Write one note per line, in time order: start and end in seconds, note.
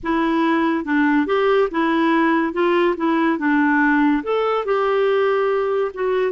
0.03 0.85 E4
0.85 1.26 D4
1.26 1.68 G4
1.71 2.53 E4
2.53 2.95 F4
2.96 3.38 E4
3.38 4.23 D4
4.23 4.65 A4
4.65 5.92 G4
5.94 6.32 F#4